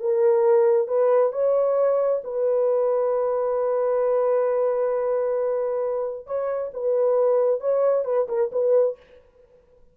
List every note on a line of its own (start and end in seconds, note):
0.00 0.88 A#4
0.88 1.32 B4
1.32 2.22 C#5
2.24 6.26 B4
6.26 6.71 C#5
6.74 7.61 B4
7.61 8.05 C#5
8.05 8.27 B4
8.29 8.51 A#4
8.52 8.97 B4